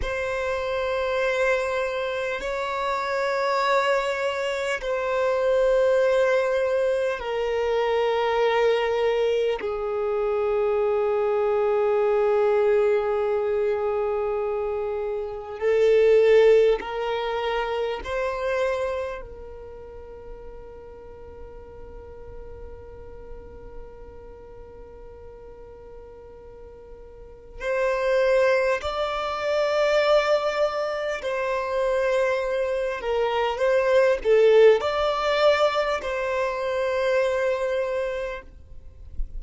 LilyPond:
\new Staff \with { instrumentName = "violin" } { \time 4/4 \tempo 4 = 50 c''2 cis''2 | c''2 ais'2 | gis'1~ | gis'4 a'4 ais'4 c''4 |
ais'1~ | ais'2. c''4 | d''2 c''4. ais'8 | c''8 a'8 d''4 c''2 | }